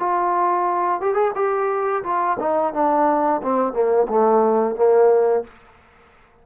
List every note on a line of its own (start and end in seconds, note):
0.00 1.02 F4
1.02 1.15 G4
1.15 1.32 G#4
1.35 2.04 G4
2.04 2.38 F4
2.40 2.74 D#4
2.74 3.42 D4
3.43 3.73 C4
3.73 4.08 A#3
4.09 4.76 A3
4.76 5.45 A#3